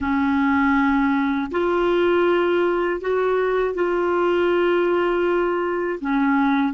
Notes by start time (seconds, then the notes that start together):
0.00 C#4
1.51 F4
3.00 F#4
3.74 F4
6.00 C#4